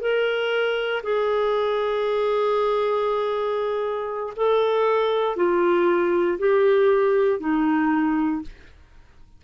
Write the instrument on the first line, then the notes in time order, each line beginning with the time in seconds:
clarinet
0.00 A#4
1.03 G#4
4.36 A4
5.36 F4
6.38 G4
7.40 D#4